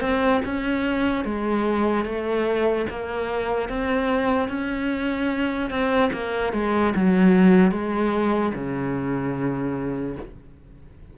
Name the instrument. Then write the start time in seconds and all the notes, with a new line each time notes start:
cello
0.00 C4
0.45 C#4
1.24 G#3
2.05 A3
2.89 A#3
3.69 C4
4.48 C#4
5.70 C4
6.12 A#3
6.53 G#3
6.95 F#3
7.71 G#3
8.54 C#3